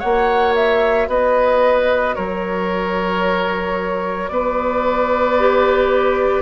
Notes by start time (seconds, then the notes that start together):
0.00 A#3 F#4 C#5 F#5
0.55 E5
1.08 B3 B4 D#5
2.15 F#3 A#4 C#5
4.29 B3 B4 D5
5.39 G4